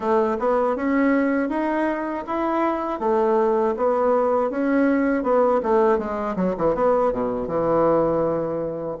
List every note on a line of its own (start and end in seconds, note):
0.00 0.37 A3
0.39 0.76 B3
0.76 1.49 C#4
1.49 2.24 D#4
2.26 2.99 E4
2.99 3.74 A3
3.76 4.50 B3
4.50 5.23 C#4
5.23 5.60 B3
5.62 5.98 A3
5.98 6.35 G#3
6.36 6.55 F#3
6.57 6.74 E3
6.74 7.12 B3
7.12 7.47 B2
7.47 8.97 E3